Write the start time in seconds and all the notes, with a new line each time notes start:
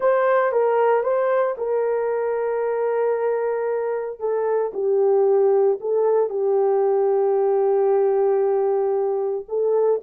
0.00 C5
0.52 A#4
1.03 C5
1.57 A#4
4.19 A4
4.73 G4
5.80 A4
6.29 G4
9.48 A4